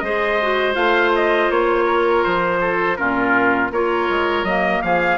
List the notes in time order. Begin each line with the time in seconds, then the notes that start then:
0.00 G#3 G#4 C5 D#5
0.42 F#4
0.74 A3 F4 F5
1.16 D#5
1.50 A#3 C#5
1.86 A#4
2.24 F3 C5
2.61 A4
2.97 A#2 C#4 F4 A#4
3.72 A#3 F4 A#4 C#5
4.09 G#3
4.44 F#3 A#3 D#5
4.83 F3 G#4 F5